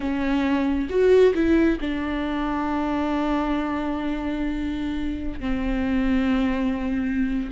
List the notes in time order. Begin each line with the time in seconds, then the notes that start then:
0.00 C#4
0.89 F#4
1.34 E4
1.80 D4
5.40 C4